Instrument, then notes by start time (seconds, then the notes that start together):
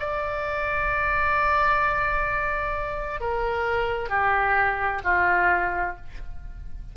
oboe
0.00 D5
3.21 A#4
4.10 G4
5.04 F4